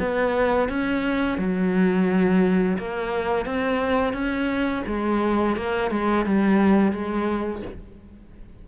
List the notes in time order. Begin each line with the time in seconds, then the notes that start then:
0.00 B3
0.69 C#4
1.38 F#3
2.78 A#3
3.46 C4
4.14 C#4
4.87 G#3
5.57 A#3
5.91 G#3
6.26 G3
6.92 G#3